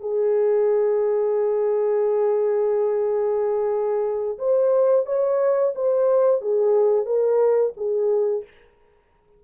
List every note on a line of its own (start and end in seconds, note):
0.00 4.38 G#4
4.39 5.06 C5
5.06 5.74 C#5
5.75 6.42 C5
6.42 7.06 G#4
7.06 7.73 A#4
7.77 8.44 G#4